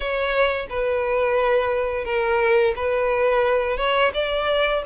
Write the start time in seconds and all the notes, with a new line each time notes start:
0.00 C#5
0.69 B4
2.05 A#4
2.76 B4
3.77 C#5
4.13 D5